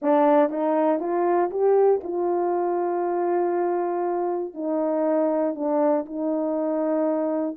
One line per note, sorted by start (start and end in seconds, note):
0.02 0.49 D4
0.49 0.99 D#4
0.99 1.49 F4
1.50 2.00 G4
2.03 4.54 F4
4.54 5.54 D#4
5.54 6.05 D4
6.05 7.56 D#4